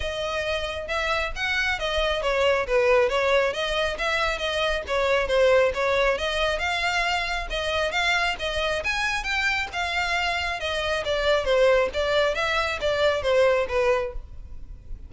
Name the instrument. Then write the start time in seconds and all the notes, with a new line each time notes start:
violin
0.00 D#5
0.87 E5
1.35 F#5
1.79 D#5
2.22 C#5
2.66 B4
3.09 C#5
3.53 D#5
3.98 E5
4.38 D#5
4.87 C#5
5.27 C5
5.74 C#5
6.18 D#5
6.59 F5
7.50 D#5
7.91 F5
8.39 D#5
8.84 G#5
9.23 G5
9.73 F5
10.60 D#5
11.05 D5
11.44 C5
11.93 D5
12.34 E5
12.80 D5
13.22 C5
13.68 B4